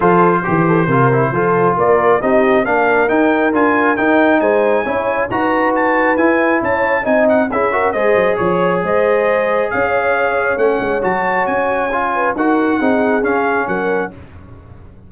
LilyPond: <<
  \new Staff \with { instrumentName = "trumpet" } { \time 4/4 \tempo 4 = 136 c''1 | d''4 dis''4 f''4 g''4 | gis''4 g''4 gis''2 | ais''4 a''4 gis''4 a''4 |
gis''8 fis''8 e''4 dis''4 cis''4 | dis''2 f''2 | fis''4 a''4 gis''2 | fis''2 f''4 fis''4 | }
  \new Staff \with { instrumentName = "horn" } { \time 4/4 a'4 g'8 a'8 ais'4 a'4 | ais'4 g'4 ais'2~ | ais'2 c''4 cis''4 | b'2. cis''4 |
dis''4 gis'8 ais'8 c''4 cis''4 | c''2 cis''2~ | cis''2.~ cis''8 b'8 | ais'4 gis'2 ais'4 | }
  \new Staff \with { instrumentName = "trombone" } { \time 4/4 f'4 g'4 f'8 e'8 f'4~ | f'4 dis'4 d'4 dis'4 | f'4 dis'2 e'4 | fis'2 e'2 |
dis'4 e'8 fis'8 gis'2~ | gis'1 | cis'4 fis'2 f'4 | fis'4 dis'4 cis'2 | }
  \new Staff \with { instrumentName = "tuba" } { \time 4/4 f4 e4 c4 f4 | ais4 c'4 ais4 dis'4 | d'4 dis'4 gis4 cis'4 | dis'2 e'4 cis'4 |
c'4 cis'4 gis8 fis8 f4 | gis2 cis'2 | a8 gis8 fis4 cis'2 | dis'4 c'4 cis'4 fis4 | }
>>